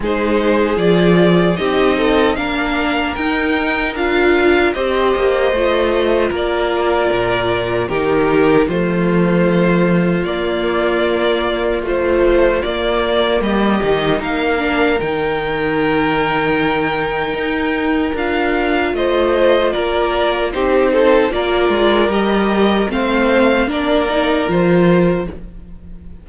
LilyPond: <<
  \new Staff \with { instrumentName = "violin" } { \time 4/4 \tempo 4 = 76 c''4 d''4 dis''4 f''4 | g''4 f''4 dis''2 | d''2 ais'4 c''4~ | c''4 d''2 c''4 |
d''4 dis''4 f''4 g''4~ | g''2. f''4 | dis''4 d''4 c''4 d''4 | dis''4 f''4 d''4 c''4 | }
  \new Staff \with { instrumentName = "violin" } { \time 4/4 gis'2 g'8 a'8 ais'4~ | ais'2 c''2 | ais'2 g'4 f'4~ | f'1~ |
f'4 g'4 ais'2~ | ais'1 | c''4 ais'4 g'8 a'8 ais'4~ | ais'4 c''4 ais'2 | }
  \new Staff \with { instrumentName = "viola" } { \time 4/4 dis'4 f'4 dis'4 d'4 | dis'4 f'4 g'4 f'4~ | f'2 dis'4 a4~ | a4 ais2 f4 |
ais4. dis'4 d'8 dis'4~ | dis'2. f'4~ | f'2 dis'4 f'4 | g'4 c'4 d'8 dis'8 f'4 | }
  \new Staff \with { instrumentName = "cello" } { \time 4/4 gis4 f4 c'4 ais4 | dis'4 d'4 c'8 ais8 a4 | ais4 ais,4 dis4 f4~ | f4 ais2 a4 |
ais4 g8 dis8 ais4 dis4~ | dis2 dis'4 d'4 | a4 ais4 c'4 ais8 gis8 | g4 a4 ais4 f4 | }
>>